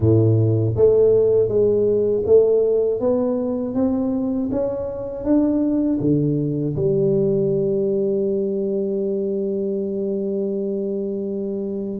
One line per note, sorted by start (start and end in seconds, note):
0.00 0.74 A2
0.76 1.48 A3
1.48 2.23 G#3
2.25 3.00 A3
3.00 3.74 B3
3.74 4.49 C4
4.51 5.24 C#4
5.24 5.99 D4
6.00 6.75 D3
6.76 12.00 G3